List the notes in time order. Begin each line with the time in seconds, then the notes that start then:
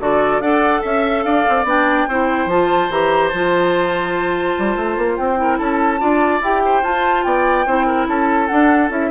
0.00 D3 F#4 A4 D5
0.41 D4 A4 D5 F#5
0.82 C#4 E5
1.24 D4 D5 F5
1.50 C4
1.65 B3 D4 G5
2.08 C4 E4 C5
2.46 F3 F4 A5
2.91 E3 G4 A#5
3.29 F3 A5
3.35 F4
4.58 G3
4.77 A3
4.97 A#3
5.17 C4 G5
5.37 E4 A#4
5.59 C#4 A4 A5
5.99 D4 F4 D5
6.41 E4 G4 G5
6.65 C5
6.83 F4 A5
7.24 B3 D5 G5
7.66 C4 E4 C5
7.87 A#4
8.08 C#4 A4 A5
8.47 D4 F#5
8.90 C#4 E4 E5